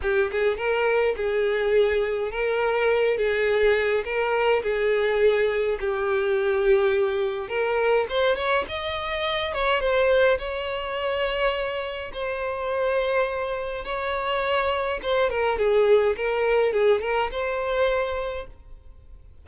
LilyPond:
\new Staff \with { instrumentName = "violin" } { \time 4/4 \tempo 4 = 104 g'8 gis'8 ais'4 gis'2 | ais'4. gis'4. ais'4 | gis'2 g'2~ | g'4 ais'4 c''8 cis''8 dis''4~ |
dis''8 cis''8 c''4 cis''2~ | cis''4 c''2. | cis''2 c''8 ais'8 gis'4 | ais'4 gis'8 ais'8 c''2 | }